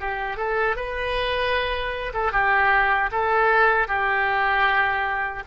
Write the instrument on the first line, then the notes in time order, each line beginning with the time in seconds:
oboe
0.00 G4
0.37 A4
0.76 B4
2.14 A4
2.32 G4
3.11 A4
3.87 G4